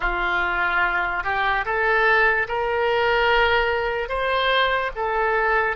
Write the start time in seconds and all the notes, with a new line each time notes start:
0.00 F4
1.23 G4
1.65 A4
2.48 A#4
4.08 C5
4.95 A4